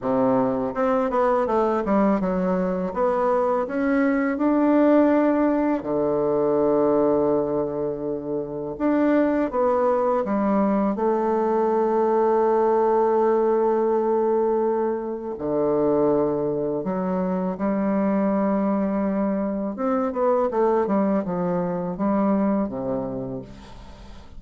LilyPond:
\new Staff \with { instrumentName = "bassoon" } { \time 4/4 \tempo 4 = 82 c4 c'8 b8 a8 g8 fis4 | b4 cis'4 d'2 | d1 | d'4 b4 g4 a4~ |
a1~ | a4 d2 fis4 | g2. c'8 b8 | a8 g8 f4 g4 c4 | }